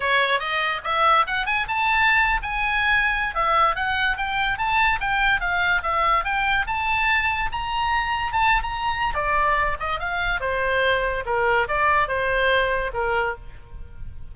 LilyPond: \new Staff \with { instrumentName = "oboe" } { \time 4/4 \tempo 4 = 144 cis''4 dis''4 e''4 fis''8 gis''8 | a''4.~ a''16 gis''2~ gis''16 | e''4 fis''4 g''4 a''4 | g''4 f''4 e''4 g''4 |
a''2 ais''2 | a''8. ais''4~ ais''16 d''4. dis''8 | f''4 c''2 ais'4 | d''4 c''2 ais'4 | }